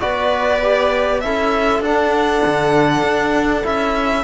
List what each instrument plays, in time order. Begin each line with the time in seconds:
0.00 cello B3, trombone F#4, viola B4, violin D5
0.62 trombone G4
1.20 cello C#4, trombone E4, viola A4, violin E5
1.80 cello D4, trombone D4, violin F#5
2.46 cello D3
3.03 cello D4
3.63 cello C#4, trombone E4, violin E5